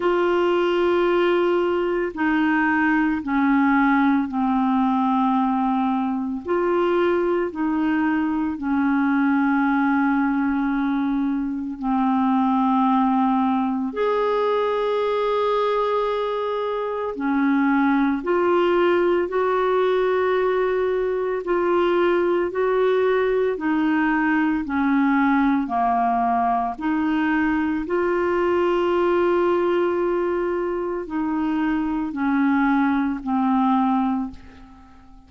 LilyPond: \new Staff \with { instrumentName = "clarinet" } { \time 4/4 \tempo 4 = 56 f'2 dis'4 cis'4 | c'2 f'4 dis'4 | cis'2. c'4~ | c'4 gis'2. |
cis'4 f'4 fis'2 | f'4 fis'4 dis'4 cis'4 | ais4 dis'4 f'2~ | f'4 dis'4 cis'4 c'4 | }